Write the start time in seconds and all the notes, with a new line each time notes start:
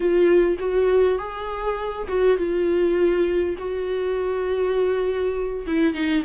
0.00 F4
0.59 F#4
1.18 G#4
2.08 F#4
2.37 F4
3.58 F#4
5.67 E4
5.94 D#4